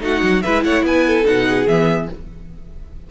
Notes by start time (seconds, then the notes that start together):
0.00 A3 D#4 F#4 F#5
0.23 F#3
0.42 G#3 E4 B4 E5
0.64 A3 C#5 F#5
0.83 B3 B4 G#5
1.07 A4
1.24 B2 D#4 F#5
1.48 G#4
1.67 E3 B3 E5